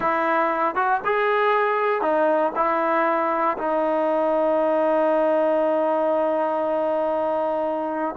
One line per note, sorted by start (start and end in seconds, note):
0.00 0.75 E4
0.75 1.00 F#4
1.04 2.01 G#4
2.01 2.52 D#4
2.55 3.57 E4
3.57 8.15 D#4